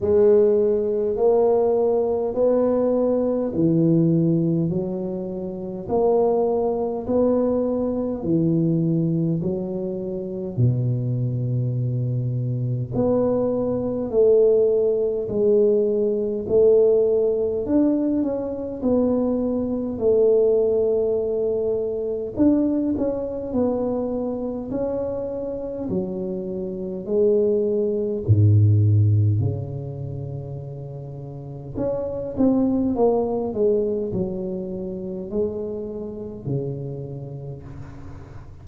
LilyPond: \new Staff \with { instrumentName = "tuba" } { \time 4/4 \tempo 4 = 51 gis4 ais4 b4 e4 | fis4 ais4 b4 e4 | fis4 b,2 b4 | a4 gis4 a4 d'8 cis'8 |
b4 a2 d'8 cis'8 | b4 cis'4 fis4 gis4 | gis,4 cis2 cis'8 c'8 | ais8 gis8 fis4 gis4 cis4 | }